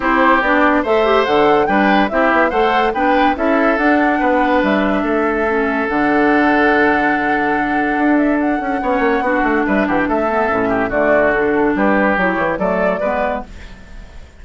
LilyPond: <<
  \new Staff \with { instrumentName = "flute" } { \time 4/4 \tempo 4 = 143 c''4 d''4 e''4 fis''4 | g''4 e''4 fis''4 g''4 | e''4 fis''2 e''4~ | e''2 fis''2~ |
fis''2.~ fis''8 e''8 | fis''2. e''8 fis''16 g''16 | e''2 d''4 a'4 | b'4 cis''4 d''2 | }
  \new Staff \with { instrumentName = "oboe" } { \time 4/4 g'2 c''2 | b'4 g'4 c''4 b'4 | a'2 b'2 | a'1~ |
a'1~ | a'4 cis''4 fis'4 b'8 g'8 | a'4. g'8 fis'2 | g'2 a'4 b'4 | }
  \new Staff \with { instrumentName = "clarinet" } { \time 4/4 e'4 d'4 a'8 g'8 a'4 | d'4 e'4 a'4 d'4 | e'4 d'2.~ | d'4 cis'4 d'2~ |
d'1~ | d'4 cis'4 d'2~ | d'8 b8 cis'4 a4 d'4~ | d'4 e'4 a4 b4 | }
  \new Staff \with { instrumentName = "bassoon" } { \time 4/4 c'4 b4 a4 d4 | g4 c'8 b8 a4 b4 | cis'4 d'4 b4 g4 | a2 d2~ |
d2. d'4~ | d'8 cis'8 b8 ais8 b8 a8 g8 e8 | a4 a,4 d2 | g4 fis8 e8 fis4 gis4 | }
>>